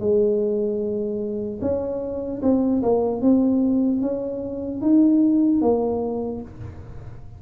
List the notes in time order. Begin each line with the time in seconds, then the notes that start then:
0.00 G#3
1.61 C#4
2.42 C4
2.83 A#3
3.21 C4
4.01 C#4
4.81 D#4
5.61 A#3